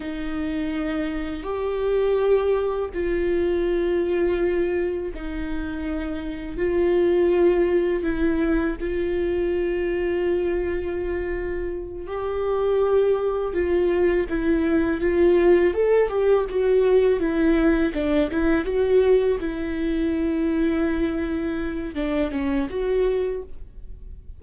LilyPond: \new Staff \with { instrumentName = "viola" } { \time 4/4 \tempo 4 = 82 dis'2 g'2 | f'2. dis'4~ | dis'4 f'2 e'4 | f'1~ |
f'8 g'2 f'4 e'8~ | e'8 f'4 a'8 g'8 fis'4 e'8~ | e'8 d'8 e'8 fis'4 e'4.~ | e'2 d'8 cis'8 fis'4 | }